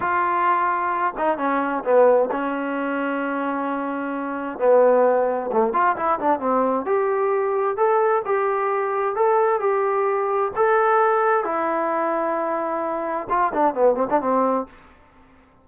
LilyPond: \new Staff \with { instrumentName = "trombone" } { \time 4/4 \tempo 4 = 131 f'2~ f'8 dis'8 cis'4 | b4 cis'2.~ | cis'2 b2 | a8 f'8 e'8 d'8 c'4 g'4~ |
g'4 a'4 g'2 | a'4 g'2 a'4~ | a'4 e'2.~ | e'4 f'8 d'8 b8 c'16 d'16 c'4 | }